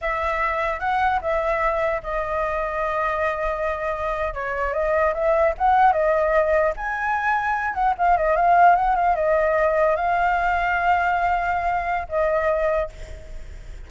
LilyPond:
\new Staff \with { instrumentName = "flute" } { \time 4/4 \tempo 4 = 149 e''2 fis''4 e''4~ | e''4 dis''2.~ | dis''2~ dis''8. cis''4 dis''16~ | dis''8. e''4 fis''4 dis''4~ dis''16~ |
dis''8. gis''2~ gis''8 fis''8 f''16~ | f''16 dis''8 f''4 fis''8 f''8 dis''4~ dis''16~ | dis''8. f''2.~ f''16~ | f''2 dis''2 | }